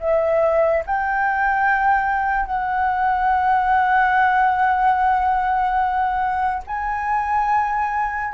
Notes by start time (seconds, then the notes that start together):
0.00 E5
0.86 G5
2.46 F#5
6.67 G#5